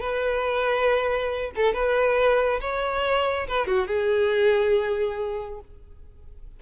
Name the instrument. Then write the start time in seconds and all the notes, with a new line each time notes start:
violin
0.00 B4
1.55 A4
1.73 B4
2.61 C#5
3.48 B4
3.67 F#4
3.87 G#4